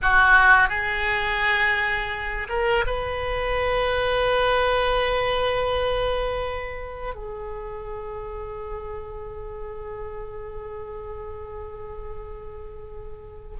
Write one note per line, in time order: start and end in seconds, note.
0.02 0.69 F#4
0.69 2.47 G#4
2.49 2.84 A#4
2.86 7.14 B4
7.14 13.57 G#4